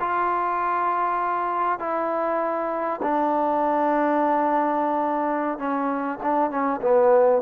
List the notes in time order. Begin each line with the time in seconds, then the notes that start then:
0.00 F4
1.79 E4
3.02 D4
5.58 C#4
6.23 D4
6.50 C#4
6.82 B3